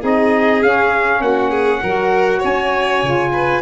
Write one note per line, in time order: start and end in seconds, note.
0.00 0.62 C4
0.00 0.60 D#4
0.00 1.20 G#4
0.00 0.62 D#5
0.62 1.21 C#4
0.62 1.83 C#4
0.62 1.21 F5
1.21 1.81 A#3
1.21 1.50 F#4
1.21 2.41 F#5
1.50 1.80 G#4
1.82 2.42 F#3
1.82 3.04 F#4
1.82 2.39 A#4
2.39 3.02 C#4
2.39 3.29 C#5
2.39 3.61 G#5
3.02 3.61 C#3
3.02 3.61 F4
3.32 3.61 B4